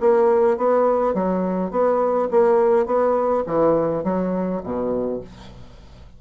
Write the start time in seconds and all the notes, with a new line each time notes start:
0.00 A#3
0.57 B3
1.14 F#3
1.71 B3
2.31 A#3
2.86 B3
3.46 E3
4.04 F#3
4.63 B2